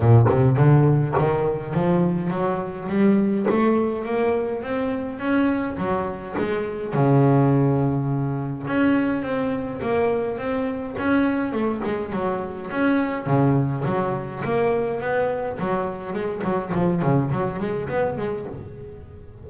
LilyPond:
\new Staff \with { instrumentName = "double bass" } { \time 4/4 \tempo 4 = 104 ais,8 c8 d4 dis4 f4 | fis4 g4 a4 ais4 | c'4 cis'4 fis4 gis4 | cis2. cis'4 |
c'4 ais4 c'4 cis'4 | a8 gis8 fis4 cis'4 cis4 | fis4 ais4 b4 fis4 | gis8 fis8 f8 cis8 fis8 gis8 b8 gis8 | }